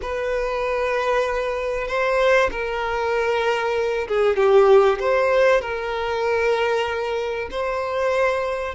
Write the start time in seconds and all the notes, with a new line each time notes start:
0.02 B4
1.87 C5
2.51 A#4
4.07 G#4
4.36 G4
4.99 C5
5.61 A#4
7.50 C5